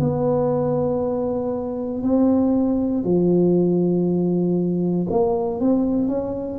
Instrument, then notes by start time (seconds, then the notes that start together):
tuba
0.00 B3
2.03 C4
3.04 F3
5.11 A#3
5.61 C4
6.08 C#4